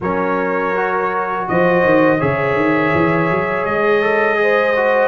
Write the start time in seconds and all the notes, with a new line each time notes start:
0.00 F#3 C#4 A#4 C#5
0.75 F#4
1.48 F3 C5 D#5
1.84 D#3
2.18 C#3 G#4 C#5 E5
2.55 D#3
2.94 E3
3.30 F#3
3.64 G#3 D#5
4.02 A4
4.36 G#4 C5
4.76 F#4